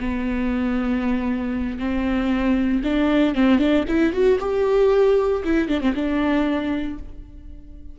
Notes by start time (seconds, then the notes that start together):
0.00 B3
1.79 C4
2.84 D4
3.35 C4
3.59 D4
3.88 E4
4.13 F#4
4.40 G4
5.44 E4
5.68 D4
5.81 C4
5.95 D4